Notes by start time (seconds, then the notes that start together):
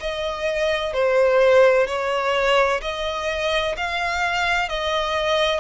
0.00 D#5
0.93 C5
1.87 C#5
2.82 D#5
3.77 F5
4.69 D#5